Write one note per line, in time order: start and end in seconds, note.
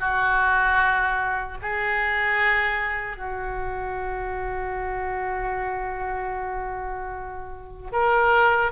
0.00 1.58 F#4
1.62 3.17 G#4
3.17 7.91 F#4
7.93 8.72 A#4